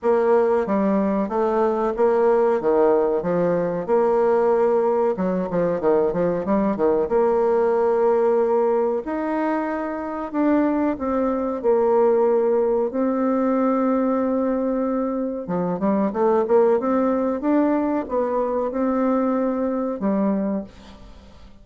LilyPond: \new Staff \with { instrumentName = "bassoon" } { \time 4/4 \tempo 4 = 93 ais4 g4 a4 ais4 | dis4 f4 ais2 | fis8 f8 dis8 f8 g8 dis8 ais4~ | ais2 dis'2 |
d'4 c'4 ais2 | c'1 | f8 g8 a8 ais8 c'4 d'4 | b4 c'2 g4 | }